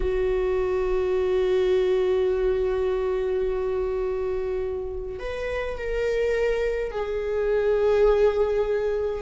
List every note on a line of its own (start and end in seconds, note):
0.00 5.19 F#4
5.19 5.77 B4
5.77 6.91 A#4
6.91 9.22 G#4